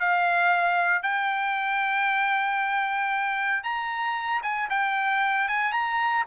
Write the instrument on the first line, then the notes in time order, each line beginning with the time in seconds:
trumpet
0.00 F5
1.03 G5
3.64 A#5
4.43 G#5
4.70 G5
5.49 G#5
5.72 A#5